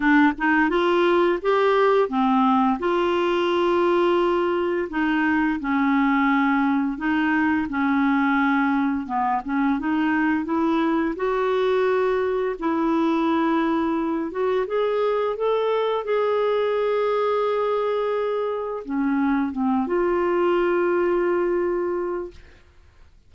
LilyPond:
\new Staff \with { instrumentName = "clarinet" } { \time 4/4 \tempo 4 = 86 d'8 dis'8 f'4 g'4 c'4 | f'2. dis'4 | cis'2 dis'4 cis'4~ | cis'4 b8 cis'8 dis'4 e'4 |
fis'2 e'2~ | e'8 fis'8 gis'4 a'4 gis'4~ | gis'2. cis'4 | c'8 f'2.~ f'8 | }